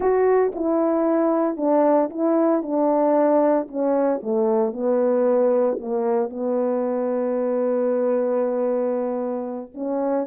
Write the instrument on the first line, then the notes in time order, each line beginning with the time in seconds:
horn
0.00 F#4
0.55 E4
1.56 D4
2.09 E4
2.62 D4
3.67 C#4
4.22 A3
4.72 B3
5.79 A#3
6.29 B3
9.74 C#4